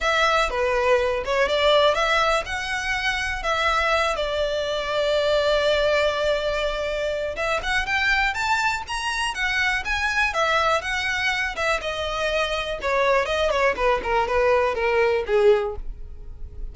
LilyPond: \new Staff \with { instrumentName = "violin" } { \time 4/4 \tempo 4 = 122 e''4 b'4. cis''8 d''4 | e''4 fis''2 e''4~ | e''8 d''2.~ d''8~ | d''2. e''8 fis''8 |
g''4 a''4 ais''4 fis''4 | gis''4 e''4 fis''4. e''8 | dis''2 cis''4 dis''8 cis''8 | b'8 ais'8 b'4 ais'4 gis'4 | }